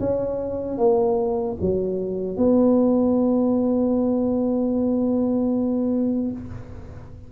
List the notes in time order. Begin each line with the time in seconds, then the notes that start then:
0.00 C#4
0.78 A#3
1.61 F#3
2.37 B3